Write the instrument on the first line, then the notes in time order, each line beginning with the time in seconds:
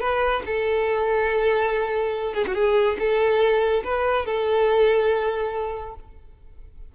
violin
0.00 B4
0.46 A4
2.34 G#4
2.47 F#4
2.54 G#4
2.99 A4
3.84 B4
4.26 A4